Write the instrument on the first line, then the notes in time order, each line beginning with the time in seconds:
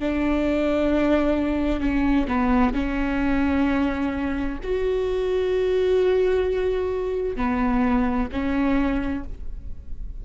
viola
0.00 D4
1.81 C#4
2.28 B3
2.74 C#4
4.64 F#4
7.36 B3
8.32 C#4